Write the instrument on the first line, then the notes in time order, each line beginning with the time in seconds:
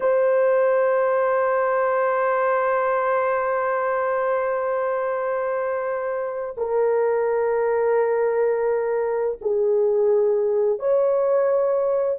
horn
0.00 C5
6.57 A#4
9.41 G#4
10.79 C#5